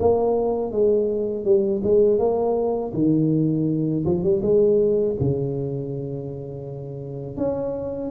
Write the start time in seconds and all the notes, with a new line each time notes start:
0.00 A#3
0.72 G#3
1.44 G3
1.84 G#3
2.19 A#3
2.93 D#3
4.05 F3
4.24 G3
4.42 G#3
5.20 C#3
7.37 C#4